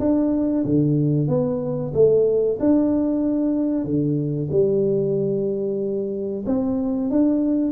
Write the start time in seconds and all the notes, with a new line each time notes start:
0.00 D4
0.65 D3
1.28 B3
1.94 A3
2.60 D4
3.85 D3
4.51 G3
6.46 C4
7.10 D4